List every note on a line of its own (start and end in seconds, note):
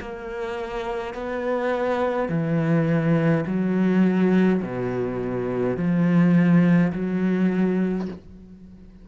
0.00 1.14 A#3
1.14 2.29 B3
2.29 3.44 E3
3.46 4.62 F#3
4.62 5.76 B2
5.76 6.92 F3
6.92 8.08 F#3